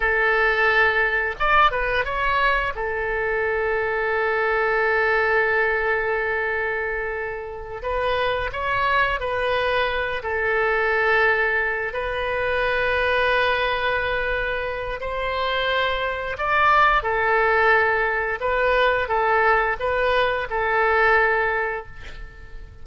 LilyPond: \new Staff \with { instrumentName = "oboe" } { \time 4/4 \tempo 4 = 88 a'2 d''8 b'8 cis''4 | a'1~ | a'2.~ a'8 b'8~ | b'8 cis''4 b'4. a'4~ |
a'4. b'2~ b'8~ | b'2 c''2 | d''4 a'2 b'4 | a'4 b'4 a'2 | }